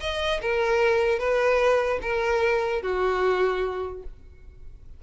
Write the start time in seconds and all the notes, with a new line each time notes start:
0.00 D#5
0.41 A#4
1.19 B4
2.02 A#4
2.82 F#4